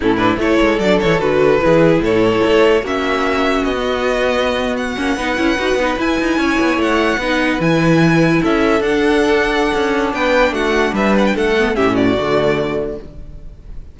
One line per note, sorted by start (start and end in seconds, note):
0.00 0.36 A2
0.00 0.17 C#4
0.00 0.40 E4
0.00 0.16 A4
0.16 0.37 D4
0.16 0.36 B4
0.36 0.57 A3
0.36 0.79 E4
0.36 1.64 A4
0.36 0.79 C#5
0.61 0.79 G#3
0.79 0.99 F#3
0.79 1.03 D4
0.79 0.99 D5
1.00 1.20 E3
1.00 1.19 E4
1.00 1.20 C#5
1.19 1.61 D3
1.19 1.59 F#4
1.19 2.01 B4
1.60 1.99 E3
1.60 2.82 E4
1.60 2.04 G#4
1.99 2.39 A2
1.99 2.83 A4
1.99 2.85 C#5
2.45 2.82 A3
2.82 3.63 A#3
2.82 3.75 C#4
2.82 5.16 F#4
2.82 3.64 E5
3.63 4.95 B3
3.63 4.76 D#5
3.75 4.97 B3
4.77 5.99 F#5
4.97 5.16 A#3
4.97 5.17 C#4
5.16 5.37 B3
5.16 5.36 D#4
5.16 6.38 B4
5.36 5.58 C#4
5.36 5.57 E4
5.58 5.74 D#4
5.58 5.79 F#4
5.74 5.94 B3
5.74 5.97 D#4
5.97 7.19 E4
5.97 6.19 E4
5.97 6.81 G#5
6.19 6.37 D#4
6.37 6.57 C#4
6.37 7.19 C#5
6.59 6.76 B3
6.76 7.17 A3
6.76 7.61 F#5
7.17 7.58 B3
7.17 7.59 D#4
7.17 8.41 B4
7.59 8.41 E3
7.59 8.81 E4
7.59 8.42 G#5
8.41 8.80 C#4
8.41 10.12 A4
8.41 8.82 E5
8.80 9.71 D4
8.80 11.56 D4
8.80 10.14 F#5
9.74 10.13 C#4
10.12 10.51 B3
10.12 10.53 B4
10.12 10.53 G5
10.51 10.91 A3
10.51 10.94 F#4
10.51 10.94 F#5
10.92 11.33 G3
10.92 11.35 B4
10.92 11.15 E5
11.18 11.26 F#5
11.26 11.36 G5
11.35 11.77 A3
11.35 11.75 A4
11.35 11.75 F#5
11.58 11.74 B3
11.74 12.17 A2
11.74 12.15 C#4
11.74 11.93 G4
11.74 11.95 E5
11.93 12.95 F#4
11.93 12.97 D5
12.17 12.98 D3
12.17 12.99 A3